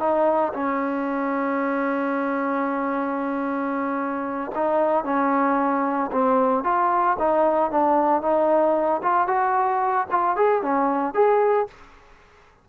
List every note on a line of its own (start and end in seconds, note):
0.00 0.53 D#4
0.54 4.52 C#4
4.55 5.05 D#4
5.05 6.11 C#4
6.12 6.64 C4
6.64 7.17 F4
7.19 7.71 D#4
7.71 8.22 D4
8.22 9.02 D#4
9.03 9.28 F4
9.28 10.07 F#4
10.11 10.37 F4
10.37 10.63 G#4
10.63 11.15 C#4
11.15 11.68 G#4